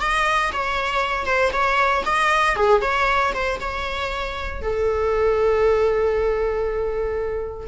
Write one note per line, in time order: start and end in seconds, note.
0.00 0.51 D#5
0.52 1.25 C#5
1.25 1.51 C5
1.52 2.03 C#5
2.05 2.56 D#5
2.56 2.82 G#4
2.82 3.33 C#5
3.34 3.59 C5
3.60 4.62 C#5
4.62 7.68 A4